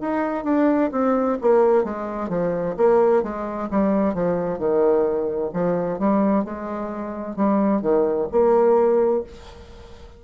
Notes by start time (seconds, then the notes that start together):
0.00 D#4
0.44 D4
0.91 C4
1.41 A#3
1.84 G#3
2.29 F3
2.77 A#3
3.22 G#3
3.70 G3
4.14 F3
4.58 D#3
5.53 F3
5.98 G3
6.44 G#3
7.36 G3
7.81 D#3
8.31 A#3